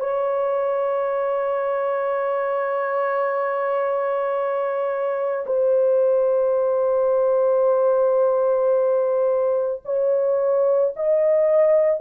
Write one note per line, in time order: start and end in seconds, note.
0.00 5.45 C#5
5.46 9.82 C5
9.85 10.94 C#5
10.96 12.00 D#5